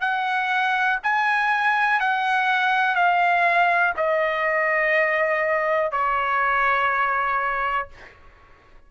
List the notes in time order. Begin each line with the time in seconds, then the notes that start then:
0.00 F#5
1.03 G#5
2.00 F#5
2.95 F5
3.96 D#5
5.91 C#5